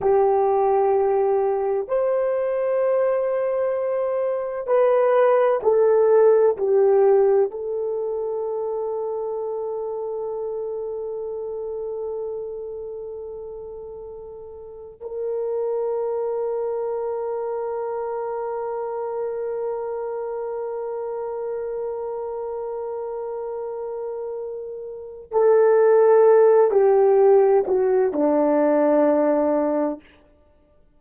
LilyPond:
\new Staff \with { instrumentName = "horn" } { \time 4/4 \tempo 4 = 64 g'2 c''2~ | c''4 b'4 a'4 g'4 | a'1~ | a'1 |
ais'1~ | ais'1~ | ais'2. a'4~ | a'8 g'4 fis'8 d'2 | }